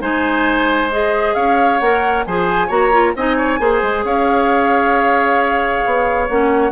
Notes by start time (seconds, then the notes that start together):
0.00 G#3 D#4 C5 G#5
0.91 G#4 D#5
1.35 C#4 C#5 F5
1.79 A#3 A#4 F#5
2.26 F3 G#4 C5 G#5
2.67 A#3 F#4 C#5 A#5
2.92 F4
3.15 C4 D#4 D#5 G#5
3.37 C#5
3.60 A#3 G#4 C5
3.82 G#3
4.04 C#4 C#5 F5
5.86 B3
6.29 A#3 C#4 F#5